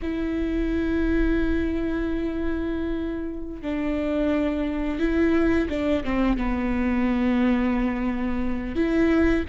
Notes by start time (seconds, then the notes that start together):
0.02 E4
3.62 D4
4.99 E4
5.69 D4
6.03 C4
6.37 B3
8.75 E4